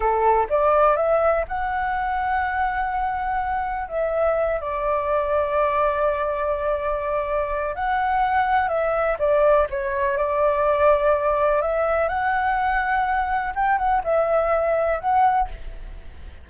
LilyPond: \new Staff \with { instrumentName = "flute" } { \time 4/4 \tempo 4 = 124 a'4 d''4 e''4 fis''4~ | fis''1 | e''4. d''2~ d''8~ | d''1 |
fis''2 e''4 d''4 | cis''4 d''2. | e''4 fis''2. | g''8 fis''8 e''2 fis''4 | }